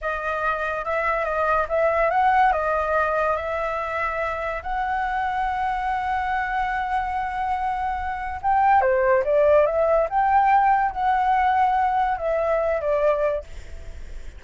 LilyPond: \new Staff \with { instrumentName = "flute" } { \time 4/4 \tempo 4 = 143 dis''2 e''4 dis''4 | e''4 fis''4 dis''2 | e''2. fis''4~ | fis''1~ |
fis''1 | g''4 c''4 d''4 e''4 | g''2 fis''2~ | fis''4 e''4. d''4. | }